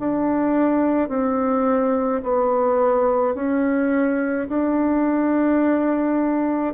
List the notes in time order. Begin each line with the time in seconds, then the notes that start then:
0.00 D4
1.09 C4
2.23 B3
3.35 C#4
4.49 D4